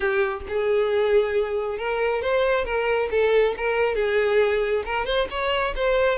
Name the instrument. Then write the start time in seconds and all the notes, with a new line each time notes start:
violin
0.00 G4
0.48 G#4
1.78 A#4
2.22 C5
2.65 A#4
3.10 A4
3.57 A#4
3.95 G#4
4.85 A#4
5.05 C5
5.30 C#5
5.75 C5